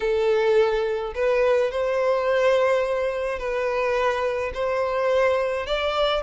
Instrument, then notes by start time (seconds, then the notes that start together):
violin
0.00 A4
1.14 B4
1.71 C5
3.38 B4
4.54 C5
5.66 D5